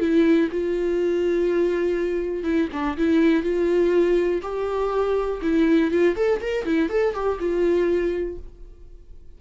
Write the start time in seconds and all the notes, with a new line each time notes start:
0.00 E4
0.52 F4
2.44 E4
2.73 D4
2.98 E4
3.43 F4
4.43 G4
5.42 E4
5.91 F4
6.16 A4
6.41 A#4
6.65 E4
6.90 A4
7.14 G4
7.40 F4